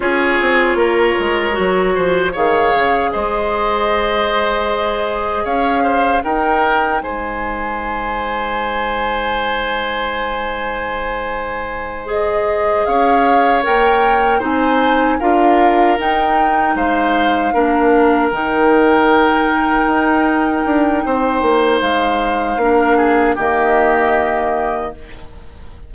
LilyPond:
<<
  \new Staff \with { instrumentName = "flute" } { \time 4/4 \tempo 4 = 77 cis''2. f''4 | dis''2. f''4 | g''4 gis''2.~ | gis''2.~ gis''8 dis''8~ |
dis''8 f''4 g''4 gis''4 f''8~ | f''8 g''4 f''2 g''8~ | g''1 | f''2 dis''2 | }
  \new Staff \with { instrumentName = "oboe" } { \time 4/4 gis'4 ais'4. c''8 cis''4 | c''2. cis''8 c''8 | ais'4 c''2.~ | c''1~ |
c''8 cis''2 c''4 ais'8~ | ais'4. c''4 ais'4.~ | ais'2. c''4~ | c''4 ais'8 gis'8 g'2 | }
  \new Staff \with { instrumentName = "clarinet" } { \time 4/4 f'2 fis'4 gis'4~ | gis'1 | dis'1~ | dis'2.~ dis'8 gis'8~ |
gis'4. ais'4 dis'4 f'8~ | f'8 dis'2 d'4 dis'8~ | dis'1~ | dis'4 d'4 ais2 | }
  \new Staff \with { instrumentName = "bassoon" } { \time 4/4 cis'8 c'8 ais8 gis8 fis8 f8 dis8 cis8 | gis2. cis'4 | dis'4 gis2.~ | gis1~ |
gis8 cis'4 ais4 c'4 d'8~ | d'8 dis'4 gis4 ais4 dis8~ | dis4. dis'4 d'8 c'8 ais8 | gis4 ais4 dis2 | }
>>